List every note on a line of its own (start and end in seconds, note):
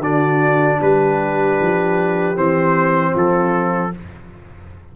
0.00 0.78 D3
0.00 2.36 D4
0.00 0.79 F#4
0.00 0.81 D5
0.80 1.60 G3
0.80 3.12 G4
0.80 2.37 B4
1.61 2.37 F3
2.36 3.14 E3
2.36 3.92 C4
2.36 3.15 C5
3.12 3.94 F3
3.12 3.90 F4
3.12 3.96 A4